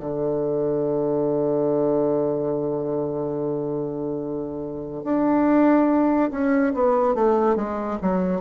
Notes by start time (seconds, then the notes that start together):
0.00 D3
5.04 D4
6.31 C#4
6.74 B3
7.15 A3
7.56 G#3
8.02 F#3